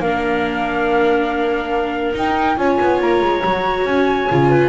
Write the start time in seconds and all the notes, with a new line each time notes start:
0.00 A#3 D4 A#4 F5
2.14 D#4 G5
2.57 C#4 F4 C#5 G#5
2.81 B3
3.01 A#3 A#5
3.22 G#3
3.45 F#3 F#4
3.84 C#4 G#5
4.30 C#3 F4
4.50 B4